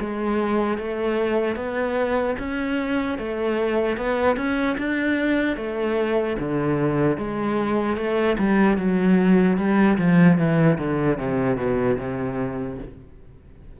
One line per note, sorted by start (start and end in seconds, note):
0.00 0.78 G#3
0.78 1.56 A3
1.56 2.36 B3
2.39 3.19 C#4
3.19 3.97 A3
3.97 4.37 B3
4.37 4.77 C#4
4.78 5.57 D4
5.57 6.37 A3
6.39 7.18 D3
7.18 7.97 G#3
7.97 8.37 A3
8.39 8.78 G3
8.78 9.58 F#3
9.58 9.98 G3
9.98 10.38 F3
10.38 10.78 E3
10.79 11.19 D3
11.19 11.57 C3
11.57 11.97 B2
11.99 12.79 C3